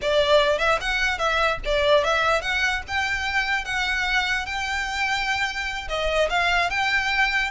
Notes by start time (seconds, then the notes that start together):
0.01 D5
0.58 E5
0.80 F#5
1.18 E5
1.65 D5
2.04 E5
2.41 F#5
2.87 G5
3.64 F#5
4.46 G5
5.88 D#5
6.29 F5
6.70 G5